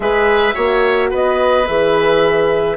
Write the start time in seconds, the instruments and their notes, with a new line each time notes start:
0.00 bassoon G#3, horn G#4, oboe B4, flute E5
0.54 bassoon A#3, horn F#4, oboe C#5
1.10 bassoon B3, oboe B4, flute D#5
1.67 bassoon E3, horn G#4, flute E5